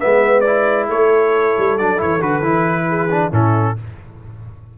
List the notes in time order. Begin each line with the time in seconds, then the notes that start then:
0.00 G#3 B3 B4 E5
0.41 E4 D5
0.89 A3 A4 C#5
1.58 G3
1.78 F#3 D4 D5
1.97 E3 E4 C#5
2.21 D3 F#4 B4
2.41 E3 E4
2.88 G#4
3.11 D4
3.32 A2 C#4 E4 A4